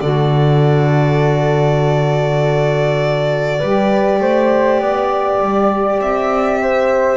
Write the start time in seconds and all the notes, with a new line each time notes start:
0.00 D3 F#4 A4 D5
3.58 G3 G4 B4
4.20 A3 C5
4.79 B3 D5
5.40 G3
5.99 C4 E5
6.61 C5